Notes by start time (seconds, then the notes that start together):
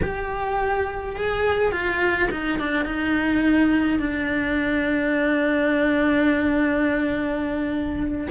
0.02 G4
1.16 G#4
1.71 F4
2.30 D#4
2.59 D4
2.85 D#4
3.99 D4